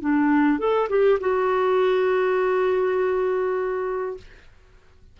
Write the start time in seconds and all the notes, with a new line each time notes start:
0.00 D4
0.58 A4
0.89 G4
1.20 F#4